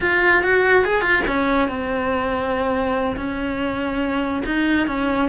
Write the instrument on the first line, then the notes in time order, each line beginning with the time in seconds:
cello
0.01 F4
0.43 F#4
0.85 G#4
1.01 F4
1.27 C#4
1.68 C4
3.16 C#4
4.45 D#4
4.87 C#4